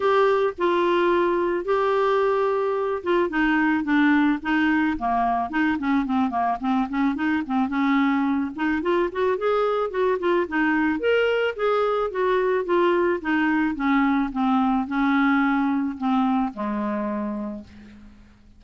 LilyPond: \new Staff \with { instrumentName = "clarinet" } { \time 4/4 \tempo 4 = 109 g'4 f'2 g'4~ | g'4. f'8 dis'4 d'4 | dis'4 ais4 dis'8 cis'8 c'8 ais8 | c'8 cis'8 dis'8 c'8 cis'4. dis'8 |
f'8 fis'8 gis'4 fis'8 f'8 dis'4 | ais'4 gis'4 fis'4 f'4 | dis'4 cis'4 c'4 cis'4~ | cis'4 c'4 gis2 | }